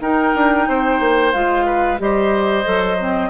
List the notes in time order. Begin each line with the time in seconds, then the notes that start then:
0.00 D#4 A#4 G5
0.34 D4
0.68 C4 C5
0.99 A#3
1.32 G#3 F4 F5
1.65 B4
1.98 G3 G4 C5 D#5
2.64 F#3 A4
2.98 C4